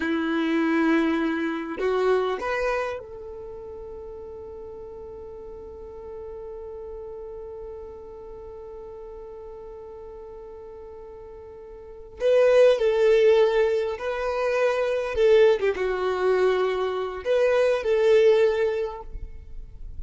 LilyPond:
\new Staff \with { instrumentName = "violin" } { \time 4/4 \tempo 4 = 101 e'2. fis'4 | b'4 a'2.~ | a'1~ | a'1~ |
a'1~ | a'8 b'4 a'2 b'8~ | b'4. a'8. g'16 fis'4.~ | fis'4 b'4 a'2 | }